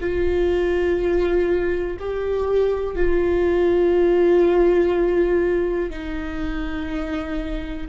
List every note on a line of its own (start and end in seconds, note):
0.00 1.97 F4
1.99 2.95 G4
2.95 5.90 F4
5.90 7.87 D#4